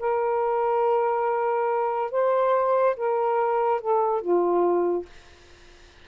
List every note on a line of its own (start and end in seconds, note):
0.00 2.11 A#4
2.12 2.96 C5
2.97 3.81 A#4
3.81 4.21 A4
4.21 5.06 F4